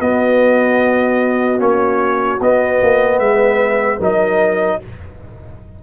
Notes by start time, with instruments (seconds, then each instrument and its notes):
0.00 tuba B3, trombone B3, horn F#4, trumpet D#5
1.58 tuba A#3, trombone C#4, trumpet C#5
2.40 tuba B3, trombone B3, trumpet D#5
2.82 tuba A#3
3.19 tuba G#3, horn B4, trumpet E5
3.98 tuba F#3, trombone D#4, horn A#4, trumpet D#5